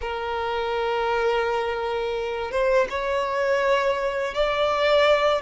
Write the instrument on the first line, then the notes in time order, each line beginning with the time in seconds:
violin
0.01 A#4
2.51 C5
2.89 C#5
4.34 D5